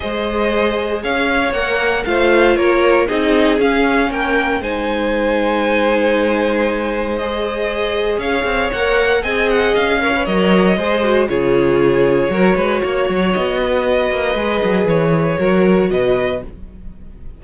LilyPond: <<
  \new Staff \with { instrumentName = "violin" } { \time 4/4 \tempo 4 = 117 dis''2 f''4 fis''4 | f''4 cis''4 dis''4 f''4 | g''4 gis''2.~ | gis''2 dis''2 |
f''4 fis''4 gis''8 fis''8 f''4 | dis''2 cis''2~ | cis''2 dis''2~ | dis''4 cis''2 dis''4 | }
  \new Staff \with { instrumentName = "violin" } { \time 4/4 c''2 cis''2 | c''4 ais'4 gis'2 | ais'4 c''2.~ | c''1 |
cis''2 dis''4. cis''8~ | cis''4 c''4 gis'2 | ais'8 b'8 cis''4. b'4.~ | b'2 ais'4 b'4 | }
  \new Staff \with { instrumentName = "viola" } { \time 4/4 gis'2. ais'4 | f'2 dis'4 cis'4~ | cis'4 dis'2.~ | dis'2 gis'2~ |
gis'4 ais'4 gis'4. ais'16 b'16 | ais'4 gis'8 fis'8 f'2 | fis'1 | gis'2 fis'2 | }
  \new Staff \with { instrumentName = "cello" } { \time 4/4 gis2 cis'4 ais4 | a4 ais4 c'4 cis'4 | ais4 gis2.~ | gis1 |
cis'8 c'8 ais4 c'4 cis'4 | fis4 gis4 cis2 | fis8 gis8 ais8 fis8 b4. ais8 | gis8 fis8 e4 fis4 b,4 | }
>>